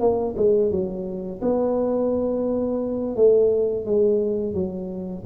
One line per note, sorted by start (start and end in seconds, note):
0.00 0.35 A#3
0.37 0.71 G#3
0.71 1.41 F#3
1.42 3.16 B3
3.16 3.86 A3
3.86 4.54 G#3
4.54 5.24 F#3